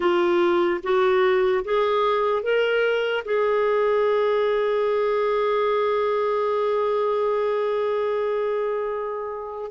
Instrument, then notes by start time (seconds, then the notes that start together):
clarinet
0.00 F4
0.83 F#4
1.64 G#4
2.43 A#4
3.24 G#4